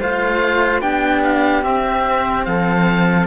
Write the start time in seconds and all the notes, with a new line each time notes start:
0.00 A3 F4 C5 F5
0.81 B3 D4 G4 G5
1.24 F5
1.63 C4 E5
2.45 F3 A4 F5